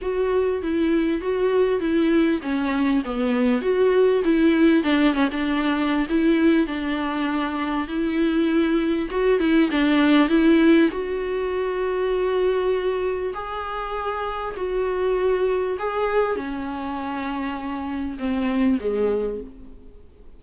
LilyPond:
\new Staff \with { instrumentName = "viola" } { \time 4/4 \tempo 4 = 99 fis'4 e'4 fis'4 e'4 | cis'4 b4 fis'4 e'4 | d'8 cis'16 d'4~ d'16 e'4 d'4~ | d'4 e'2 fis'8 e'8 |
d'4 e'4 fis'2~ | fis'2 gis'2 | fis'2 gis'4 cis'4~ | cis'2 c'4 gis4 | }